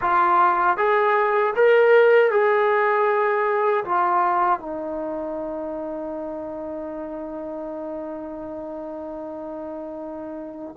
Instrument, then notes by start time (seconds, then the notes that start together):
trombone
0.01 F4
0.77 G#4
1.56 A#4
2.30 G#4
3.85 F4
4.59 D#4